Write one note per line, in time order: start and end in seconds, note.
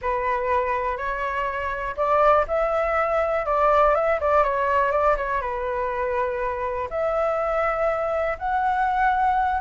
0.01 0.97 B4
0.97 1.95 C#5
1.96 2.45 D5
2.47 3.45 E5
3.45 3.95 D5
3.95 4.19 E5
4.20 4.43 D5
4.43 4.91 C#5
4.91 5.16 D5
5.16 5.41 C#5
5.41 6.89 B4
6.90 8.37 E5
8.38 9.60 F#5